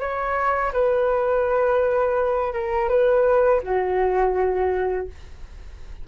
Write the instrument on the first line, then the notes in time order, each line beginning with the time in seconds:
flute
0.00 C#5
0.73 B4
2.54 A#4
2.89 B4
3.63 F#4